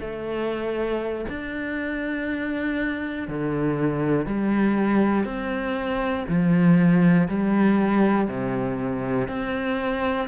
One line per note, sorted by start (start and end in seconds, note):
0.00 1.25 A3
1.29 3.28 D4
3.28 4.26 D3
4.26 5.25 G3
5.25 6.25 C4
6.28 7.28 F3
7.28 8.28 G3
8.28 9.28 C3
9.28 10.28 C4